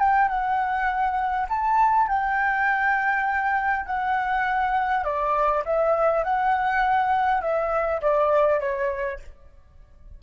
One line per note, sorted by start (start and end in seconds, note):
0.00 0.29 G5
0.29 1.47 F#5
1.49 2.08 A5
2.08 3.86 G5
3.86 5.05 F#5
5.05 5.64 D5
5.65 6.24 E5
6.24 7.42 F#5
7.42 8.01 E5
8.02 8.61 D5
8.61 9.20 C#5